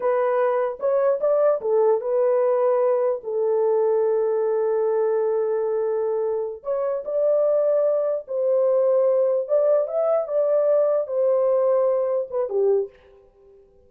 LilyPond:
\new Staff \with { instrumentName = "horn" } { \time 4/4 \tempo 4 = 149 b'2 cis''4 d''4 | a'4 b'2. | a'1~ | a'1~ |
a'8 cis''4 d''2~ d''8~ | d''8 c''2. d''8~ | d''8 e''4 d''2 c''8~ | c''2~ c''8 b'8 g'4 | }